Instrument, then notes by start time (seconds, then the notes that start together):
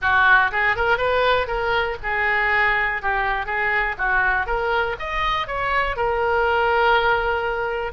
oboe
0.01 F#4
0.51 G#4
0.76 A#4
0.97 B4
1.47 A#4
2.03 G#4
3.01 G4
3.46 G#4
3.98 F#4
4.46 A#4
4.99 D#5
5.47 C#5
5.96 A#4